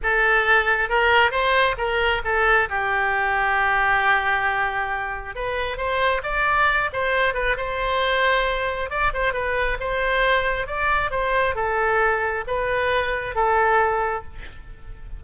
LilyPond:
\new Staff \with { instrumentName = "oboe" } { \time 4/4 \tempo 4 = 135 a'2 ais'4 c''4 | ais'4 a'4 g'2~ | g'1 | b'4 c''4 d''4. c''8~ |
c''8 b'8 c''2. | d''8 c''8 b'4 c''2 | d''4 c''4 a'2 | b'2 a'2 | }